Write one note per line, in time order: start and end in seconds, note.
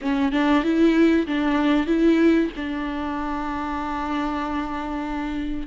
0.01 0.32 C#4
0.32 0.63 D4
0.63 1.26 E4
1.26 1.86 D4
1.86 2.49 E4
2.56 5.67 D4